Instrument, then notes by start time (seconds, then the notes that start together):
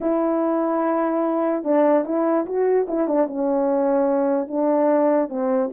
horn
0.00 E4
1.64 D4
2.04 E4
2.46 F#4
2.88 E4
3.07 D4
3.27 C#4
4.47 D4
5.29 C4